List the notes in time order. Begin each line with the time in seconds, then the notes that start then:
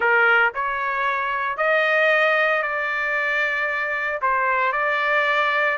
0.00 A#4
0.54 C#5
1.57 D#5
2.62 D5
4.21 C5
4.72 D5